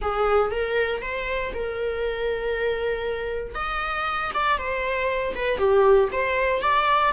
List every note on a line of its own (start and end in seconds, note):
0.01 0.50 G#4
0.50 1.01 A#4
1.01 1.52 C5
1.53 3.55 A#4
3.55 4.31 D#5
4.34 4.58 D5
4.58 5.34 C5
5.35 5.58 B4
5.58 6.09 G4
6.11 6.61 C5
6.61 7.12 D5